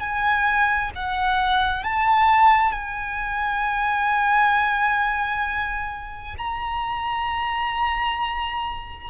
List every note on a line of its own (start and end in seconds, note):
0.00 0.91 G#5
0.95 1.84 F#5
1.84 2.72 A5
2.72 6.36 G#5
6.38 9.10 A#5